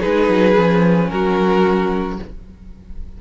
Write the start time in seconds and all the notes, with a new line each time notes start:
0.00 G#3 D#4 G#4 B4
0.28 F#3
0.55 F3 C#4
1.09 F#3 F#4 A#4